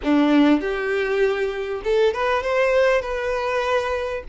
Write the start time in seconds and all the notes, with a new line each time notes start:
0.03 D4
0.61 G4
1.83 A4
2.13 B4
2.42 C5
3.01 B4